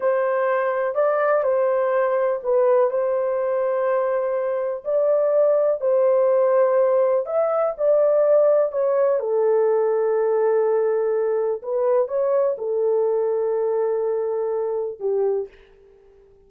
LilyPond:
\new Staff \with { instrumentName = "horn" } { \time 4/4 \tempo 4 = 124 c''2 d''4 c''4~ | c''4 b'4 c''2~ | c''2 d''2 | c''2. e''4 |
d''2 cis''4 a'4~ | a'1 | b'4 cis''4 a'2~ | a'2. g'4 | }